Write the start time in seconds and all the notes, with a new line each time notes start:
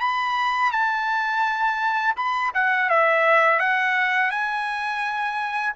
0.00 B5
0.71 A5
2.16 B5
2.54 F#5
2.89 E5
3.59 F#5
4.30 G#5